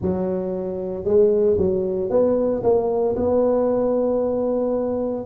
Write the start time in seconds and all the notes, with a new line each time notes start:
0.01 F#3
1.04 G#3
1.57 F#3
2.10 B3
2.63 A#3
3.16 B3